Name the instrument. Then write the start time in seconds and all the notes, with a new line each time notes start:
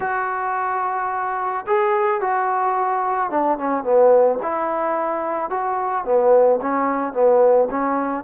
trombone
0.00 F#4
1.66 G#4
2.20 F#4
3.30 D4
3.58 C#4
3.83 B3
4.42 E4
5.49 F#4
6.04 B3
6.61 C#4
7.13 B3
7.70 C#4